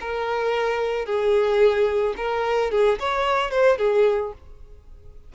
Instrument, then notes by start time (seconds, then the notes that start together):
violin
0.00 A#4
1.05 G#4
2.16 A#4
2.71 G#4
2.99 C#5
3.51 C5
3.78 G#4